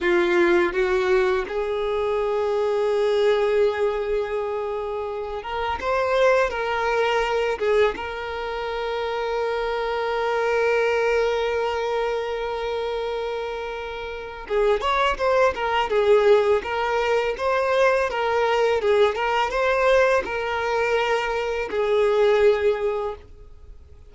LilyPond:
\new Staff \with { instrumentName = "violin" } { \time 4/4 \tempo 4 = 83 f'4 fis'4 gis'2~ | gis'2.~ gis'8 ais'8 | c''4 ais'4. gis'8 ais'4~ | ais'1~ |
ais'1 | gis'8 cis''8 c''8 ais'8 gis'4 ais'4 | c''4 ais'4 gis'8 ais'8 c''4 | ais'2 gis'2 | }